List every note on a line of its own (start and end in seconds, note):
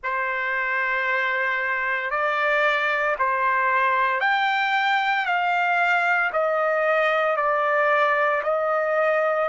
0.02 2.10 C5
2.10 3.15 D5
3.18 4.20 C5
4.20 5.25 G5
5.25 6.31 F5
6.32 7.36 D#5
7.36 8.42 D5
8.43 9.48 D#5